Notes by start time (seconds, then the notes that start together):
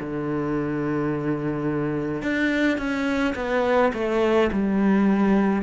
0.00 D3
2.22 D4
2.77 C#4
3.36 B3
3.93 A3
4.52 G3